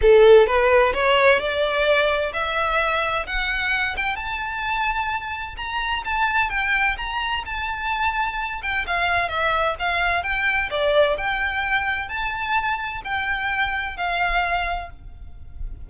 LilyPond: \new Staff \with { instrumentName = "violin" } { \time 4/4 \tempo 4 = 129 a'4 b'4 cis''4 d''4~ | d''4 e''2 fis''4~ | fis''8 g''8 a''2. | ais''4 a''4 g''4 ais''4 |
a''2~ a''8 g''8 f''4 | e''4 f''4 g''4 d''4 | g''2 a''2 | g''2 f''2 | }